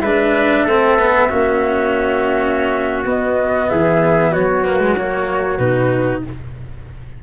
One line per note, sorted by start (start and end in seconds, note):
0.00 0.64 G#3
0.00 0.68 D4
0.00 0.64 B4
0.00 3.03 E5
0.64 1.28 A3
0.64 0.98 C4
0.64 1.28 A4
0.98 1.29 B3
1.29 3.05 A#3
1.29 3.05 C#4
1.29 3.69 F#4
3.05 3.69 B3
3.05 4.64 B3
3.05 3.69 D#5
3.69 4.35 E3
3.69 4.31 G#4
3.69 4.33 E5
4.31 5.59 F#3
4.31 6.23 F#4
4.31 4.64 C#5
4.64 4.80 A#3
4.64 4.96 B4
4.80 4.96 G#3
4.97 5.59 A#3
4.97 5.58 C#5
5.58 6.23 B2
5.58 6.23 D#4
5.58 6.22 B4